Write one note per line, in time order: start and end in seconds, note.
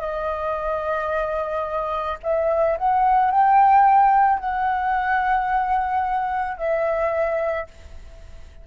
0.00 2.18 D#5
2.23 2.77 E5
2.78 3.31 F#5
3.31 4.39 G5
4.39 6.57 F#5
6.57 7.66 E5